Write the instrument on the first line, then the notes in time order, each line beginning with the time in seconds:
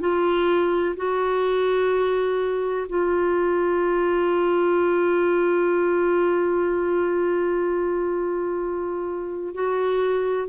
clarinet
0.00 F4
0.97 F#4
2.89 F4
9.55 F#4